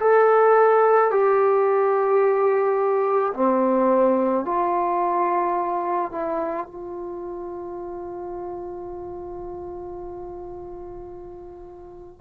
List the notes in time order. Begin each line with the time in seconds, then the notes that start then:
0.00 A4
1.11 G4
3.34 C4
4.45 F4
6.12 E4
6.67 F4